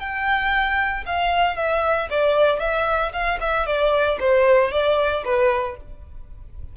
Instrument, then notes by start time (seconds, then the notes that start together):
violin
0.00 G5
1.06 F5
1.57 E5
2.10 D5
2.60 E5
3.13 F5
3.41 E5
3.66 D5
4.20 C5
4.72 D5
5.25 B4